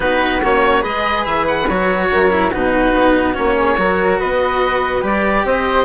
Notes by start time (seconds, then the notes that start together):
0.00 B3 D#4 F#4 B4
0.43 A#3 C#4 C#5
0.80 G#3 G#4 B4 D#5
1.25 E3 E5
1.47 F#5
1.68 F#3 F#4 C#5
2.11 F#2 A#4
2.30 E4
2.50 B2 D#4 F#4 B4
2.93 B3
3.34 A#3 C#4 C#5
3.56 G#4
3.77 F#3 F#4 A#4
4.19 B3 B4 D#5
5.02 G3 G4 D5
5.44 C4 C5 D#5